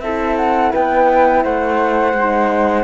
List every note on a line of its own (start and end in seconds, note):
0.00 0.72 C4
0.00 2.18 E4
0.00 0.71 A4
0.00 0.36 E5
0.36 0.72 F#5
0.71 1.44 B3
0.71 1.42 B4
0.71 1.43 G5
1.43 2.13 A3
1.43 2.84 C5
1.43 2.84 F#5
2.13 2.84 G#3
2.13 2.84 D#4